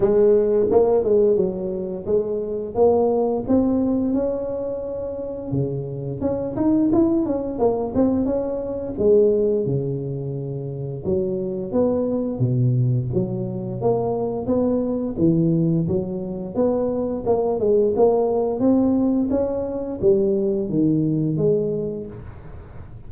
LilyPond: \new Staff \with { instrumentName = "tuba" } { \time 4/4 \tempo 4 = 87 gis4 ais8 gis8 fis4 gis4 | ais4 c'4 cis'2 | cis4 cis'8 dis'8 e'8 cis'8 ais8 c'8 | cis'4 gis4 cis2 |
fis4 b4 b,4 fis4 | ais4 b4 e4 fis4 | b4 ais8 gis8 ais4 c'4 | cis'4 g4 dis4 gis4 | }